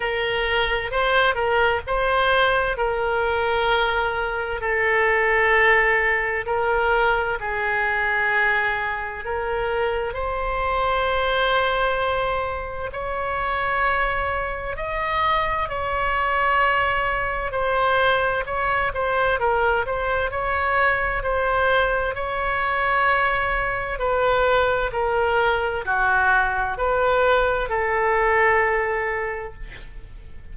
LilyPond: \new Staff \with { instrumentName = "oboe" } { \time 4/4 \tempo 4 = 65 ais'4 c''8 ais'8 c''4 ais'4~ | ais'4 a'2 ais'4 | gis'2 ais'4 c''4~ | c''2 cis''2 |
dis''4 cis''2 c''4 | cis''8 c''8 ais'8 c''8 cis''4 c''4 | cis''2 b'4 ais'4 | fis'4 b'4 a'2 | }